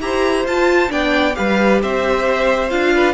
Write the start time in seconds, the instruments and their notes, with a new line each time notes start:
0.00 cello E4, viola G4, violin C5 A#5
0.45 cello F4, viola F4, violin A5
0.89 cello B3, viola D4, violin D5 G5
1.34 cello G3, viola G4, violin B4 F5
1.81 cello C4, violin C5 E5
2.69 cello D4, viola F4, violin F5
2.94 violin B4